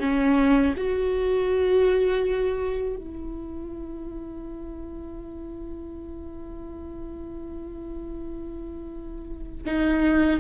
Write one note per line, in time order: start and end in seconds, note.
0.00 0.74 C#4
0.77 2.96 F#4
2.96 9.63 E4
9.66 10.40 D#4